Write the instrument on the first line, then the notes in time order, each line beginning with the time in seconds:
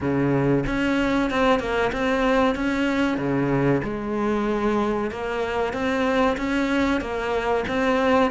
cello
0.01 C#3
0.66 C#4
1.30 C4
1.59 A#3
1.92 C4
2.55 C#4
3.17 C#3
3.83 G#3
5.10 A#3
5.73 C4
6.37 C#4
7.00 A#3
7.67 C4